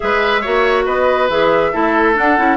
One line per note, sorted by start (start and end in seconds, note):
0.00 0.46 G#3
0.00 0.41 G#4
0.00 0.41 B4
0.00 0.85 E5
0.41 0.86 A#3
0.41 1.29 F#4
0.41 0.84 C#5
0.85 1.29 B3
0.85 1.71 B4
0.85 1.29 D#5
1.29 1.72 E3
1.29 1.72 G#4
1.29 2.16 E5
1.72 2.17 A3
1.72 2.14 E4
1.72 2.57 A4
2.14 2.36 D4
2.14 2.38 D4
2.14 2.57 F#5
2.37 2.57 C#4
2.37 2.57 E4